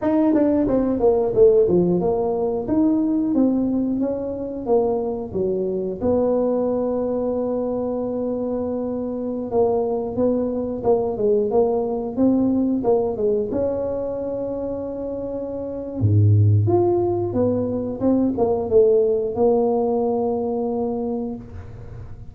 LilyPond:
\new Staff \with { instrumentName = "tuba" } { \time 4/4 \tempo 4 = 90 dis'8 d'8 c'8 ais8 a8 f8 ais4 | dis'4 c'4 cis'4 ais4 | fis4 b2.~ | b2~ b16 ais4 b8.~ |
b16 ais8 gis8 ais4 c'4 ais8 gis16~ | gis16 cis'2.~ cis'8. | gis,4 f'4 b4 c'8 ais8 | a4 ais2. | }